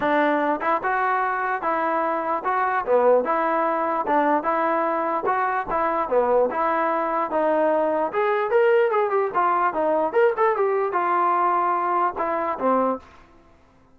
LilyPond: \new Staff \with { instrumentName = "trombone" } { \time 4/4 \tempo 4 = 148 d'4. e'8 fis'2 | e'2 fis'4 b4 | e'2 d'4 e'4~ | e'4 fis'4 e'4 b4 |
e'2 dis'2 | gis'4 ais'4 gis'8 g'8 f'4 | dis'4 ais'8 a'8 g'4 f'4~ | f'2 e'4 c'4 | }